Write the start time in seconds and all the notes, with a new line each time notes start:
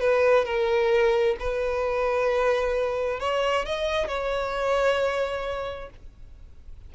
0.00 B4
0.45 A#4
1.39 B4
3.19 C#5
3.65 D#5
4.07 C#5